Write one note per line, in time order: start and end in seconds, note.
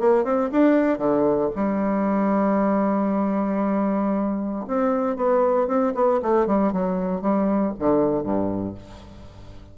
0.00 0.24 A#3
0.24 0.50 C4
0.52 0.98 D4
0.98 1.50 D3
1.56 4.66 G3
4.68 5.17 C4
5.17 5.68 B3
5.68 5.94 C4
5.95 6.20 B3
6.22 6.47 A3
6.47 6.73 G3
6.73 7.22 F#3
7.22 7.74 G3
7.79 8.23 D3
8.23 8.75 G2